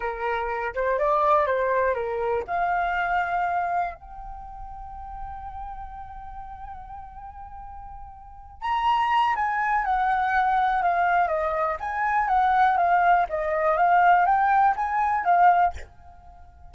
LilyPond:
\new Staff \with { instrumentName = "flute" } { \time 4/4 \tempo 4 = 122 ais'4. c''8 d''4 c''4 | ais'4 f''2. | g''1~ | g''1~ |
g''4. ais''4. gis''4 | fis''2 f''4 dis''4 | gis''4 fis''4 f''4 dis''4 | f''4 g''4 gis''4 f''4 | }